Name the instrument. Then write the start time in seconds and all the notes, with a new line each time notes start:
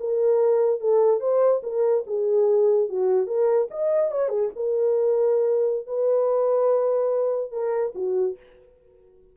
horn
0.00 A#4
0.81 A4
1.20 C5
1.63 A#4
2.07 G#4
2.89 F#4
3.27 A#4
3.71 D#5
4.12 C#5
4.29 G#4
4.56 A#4
5.87 B4
7.52 A#4
7.95 F#4